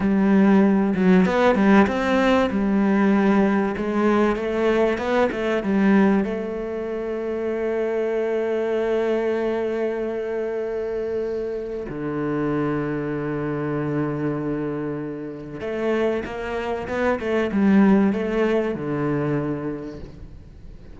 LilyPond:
\new Staff \with { instrumentName = "cello" } { \time 4/4 \tempo 4 = 96 g4. fis8 b8 g8 c'4 | g2 gis4 a4 | b8 a8 g4 a2~ | a1~ |
a2. d4~ | d1~ | d4 a4 ais4 b8 a8 | g4 a4 d2 | }